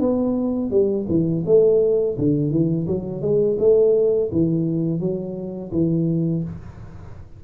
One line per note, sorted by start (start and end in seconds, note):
0.00 0.70 B3
0.70 1.06 G3
1.08 1.44 E3
1.46 2.17 A3
2.18 2.51 D3
2.51 2.86 E3
2.87 3.21 F#3
3.21 3.57 G#3
3.59 4.31 A3
4.32 5.00 E3
5.00 5.71 F#3
5.72 6.43 E3